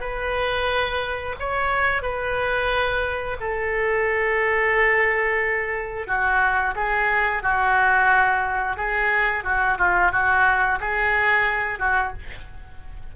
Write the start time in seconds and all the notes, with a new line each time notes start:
0.00 B4
1.39 C#5
2.02 B4
3.40 A4
6.07 F#4
6.75 G#4
7.42 F#4
8.76 G#4
9.44 F#4
9.78 F4
10.11 F#4
10.80 G#4
11.79 F#4